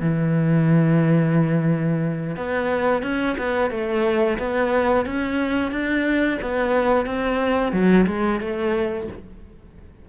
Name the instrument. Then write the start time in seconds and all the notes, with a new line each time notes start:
cello
0.00 E3
2.36 B3
3.02 C#4
3.37 B3
3.70 A3
4.39 B3
5.06 C#4
5.71 D4
6.41 B3
7.05 C4
7.72 F#3
8.07 G#3
8.40 A3